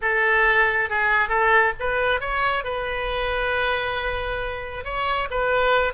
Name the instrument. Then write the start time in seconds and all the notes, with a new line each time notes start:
oboe
0.01 A4
0.89 G#4
1.28 A4
1.79 B4
2.20 C#5
2.64 B4
4.84 C#5
5.30 B4